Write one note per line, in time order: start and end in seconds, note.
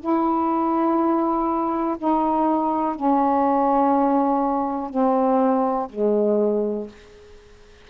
0.00 1.97 E4
1.98 2.96 D#4
2.96 4.90 C#4
4.90 5.88 C4
5.89 6.88 G#3